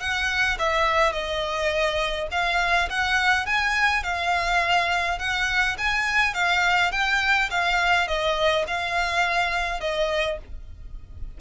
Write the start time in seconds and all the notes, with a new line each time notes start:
0.00 F#5
0.59 E5
1.12 D#5
2.31 F5
2.90 F#5
3.46 G#5
4.03 F5
5.19 F#5
5.78 G#5
6.34 F5
6.92 G5
7.50 F5
8.08 D#5
8.67 F5
9.80 D#5